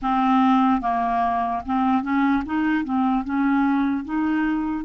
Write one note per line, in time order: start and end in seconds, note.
0.02 0.81 C4
0.81 1.62 A#3
1.66 2.02 C4
2.02 2.43 C#4
2.45 2.84 D#4
2.84 3.24 C4
3.24 4.04 C#4
4.04 4.85 D#4